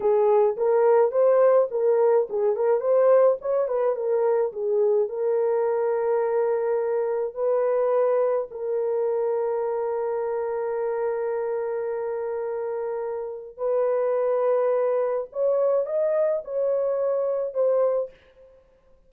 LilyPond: \new Staff \with { instrumentName = "horn" } { \time 4/4 \tempo 4 = 106 gis'4 ais'4 c''4 ais'4 | gis'8 ais'8 c''4 cis''8 b'8 ais'4 | gis'4 ais'2.~ | ais'4 b'2 ais'4~ |
ais'1~ | ais'1 | b'2. cis''4 | dis''4 cis''2 c''4 | }